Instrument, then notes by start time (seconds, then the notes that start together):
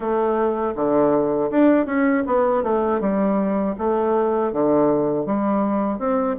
bassoon
0.00 A3
0.75 D3
1.50 D4
1.86 C#4
2.26 B3
2.63 A3
3.00 G3
3.77 A3
4.52 D3
5.25 G3
5.98 C4